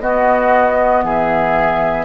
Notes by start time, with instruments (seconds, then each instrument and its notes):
0.00 bassoon B3, clarinet B3, oboe F#4, flute D#5
1.03 bassoon E3, oboe G#4, flute E5